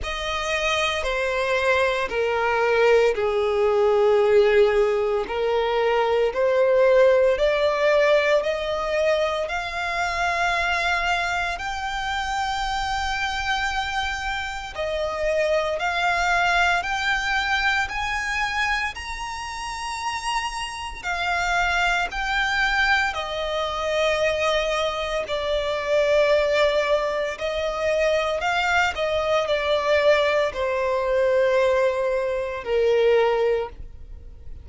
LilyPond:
\new Staff \with { instrumentName = "violin" } { \time 4/4 \tempo 4 = 57 dis''4 c''4 ais'4 gis'4~ | gis'4 ais'4 c''4 d''4 | dis''4 f''2 g''4~ | g''2 dis''4 f''4 |
g''4 gis''4 ais''2 | f''4 g''4 dis''2 | d''2 dis''4 f''8 dis''8 | d''4 c''2 ais'4 | }